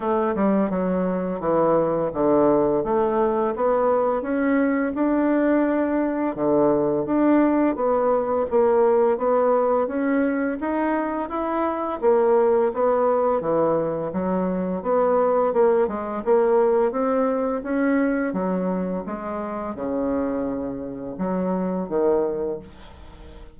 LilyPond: \new Staff \with { instrumentName = "bassoon" } { \time 4/4 \tempo 4 = 85 a8 g8 fis4 e4 d4 | a4 b4 cis'4 d'4~ | d'4 d4 d'4 b4 | ais4 b4 cis'4 dis'4 |
e'4 ais4 b4 e4 | fis4 b4 ais8 gis8 ais4 | c'4 cis'4 fis4 gis4 | cis2 fis4 dis4 | }